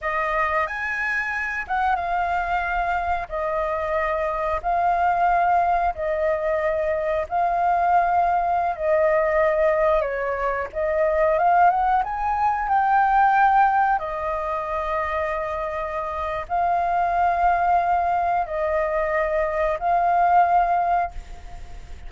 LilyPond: \new Staff \with { instrumentName = "flute" } { \time 4/4 \tempo 4 = 91 dis''4 gis''4. fis''8 f''4~ | f''4 dis''2 f''4~ | f''4 dis''2 f''4~ | f''4~ f''16 dis''2 cis''8.~ |
cis''16 dis''4 f''8 fis''8 gis''4 g''8.~ | g''4~ g''16 dis''2~ dis''8.~ | dis''4 f''2. | dis''2 f''2 | }